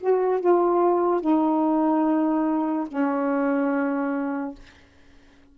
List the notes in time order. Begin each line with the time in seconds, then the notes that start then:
0.00 F#4
0.40 F4
1.20 D#4
2.87 C#4